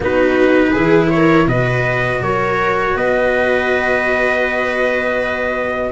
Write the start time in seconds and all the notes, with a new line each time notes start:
0.00 B3 D#4 F#4 B4
0.71 E3 E4 G#4
1.10 A#4 C#5
1.46 B2 F#4 B4 D#5
2.21 F#3 A#4 C#5
2.94 B3 B4 D#5